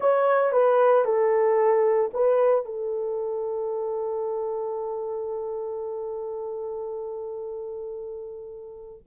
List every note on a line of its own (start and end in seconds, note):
0.00 0.51 C#5
0.51 1.04 B4
1.04 2.10 A4
2.13 2.65 B4
2.65 9.02 A4